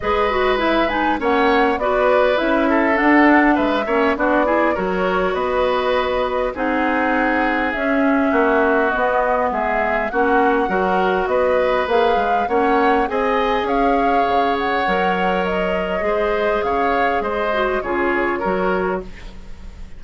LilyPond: <<
  \new Staff \with { instrumentName = "flute" } { \time 4/4 \tempo 4 = 101 dis''4 e''8 gis''8 fis''4 d''4 | e''4 fis''4 e''4 d''4 | cis''4 dis''2 fis''4~ | fis''4 e''2 dis''4 |
e''4 fis''2 dis''4 | f''4 fis''4 gis''4 f''4~ | f''8 fis''4. dis''2 | f''4 dis''4 cis''2 | }
  \new Staff \with { instrumentName = "oboe" } { \time 4/4 b'2 cis''4 b'4~ | b'8 a'4. b'8 cis''8 fis'8 gis'8 | ais'4 b'2 gis'4~ | gis'2 fis'2 |
gis'4 fis'4 ais'4 b'4~ | b'4 cis''4 dis''4 cis''4~ | cis''2. c''4 | cis''4 c''4 gis'4 ais'4 | }
  \new Staff \with { instrumentName = "clarinet" } { \time 4/4 gis'8 fis'8 e'8 dis'8 cis'4 fis'4 | e'4 d'4. cis'8 d'8 e'8 | fis'2. dis'4~ | dis'4 cis'2 b4~ |
b4 cis'4 fis'2 | gis'4 cis'4 gis'2~ | gis'4 ais'2 gis'4~ | gis'4. fis'8 f'4 fis'4 | }
  \new Staff \with { instrumentName = "bassoon" } { \time 4/4 gis2 ais4 b4 | cis'4 d'4 gis8 ais8 b4 | fis4 b2 c'4~ | c'4 cis'4 ais4 b4 |
gis4 ais4 fis4 b4 | ais8 gis8 ais4 c'4 cis'4 | cis4 fis2 gis4 | cis4 gis4 cis4 fis4 | }
>>